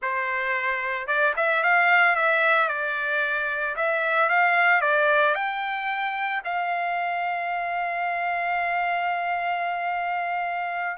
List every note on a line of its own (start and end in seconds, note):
0.01 1.07 C5
1.07 1.34 D5
1.36 1.63 E5
1.63 2.15 F5
2.15 2.68 E5
2.68 3.75 D5
3.75 4.29 E5
4.29 4.81 F5
4.81 5.34 D5
5.34 6.42 G5
6.44 10.97 F5